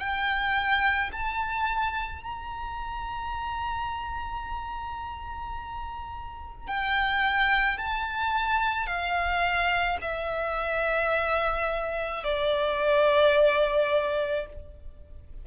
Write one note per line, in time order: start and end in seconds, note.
0.00 1.11 G5
1.13 2.23 A5
2.23 6.68 A#5
6.68 7.78 G5
7.78 8.87 A5
8.87 9.98 F5
10.02 12.24 E5
12.24 14.46 D5